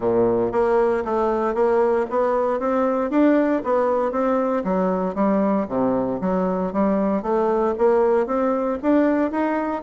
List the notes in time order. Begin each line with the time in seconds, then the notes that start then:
0.00 A#2
0.51 A#3
1.04 A3
1.54 A#3
2.09 B3
2.59 C4
3.10 D4
3.64 B3
4.11 C4
4.64 F#3
5.14 G3
5.68 C3
6.21 F#3
6.72 G3
7.22 A3
7.78 A#3
8.26 C4
8.82 D4
9.31 D#4